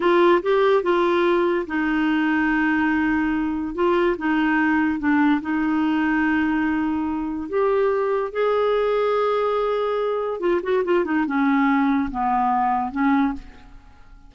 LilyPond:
\new Staff \with { instrumentName = "clarinet" } { \time 4/4 \tempo 4 = 144 f'4 g'4 f'2 | dis'1~ | dis'4 f'4 dis'2 | d'4 dis'2.~ |
dis'2 g'2 | gis'1~ | gis'4 f'8 fis'8 f'8 dis'8 cis'4~ | cis'4 b2 cis'4 | }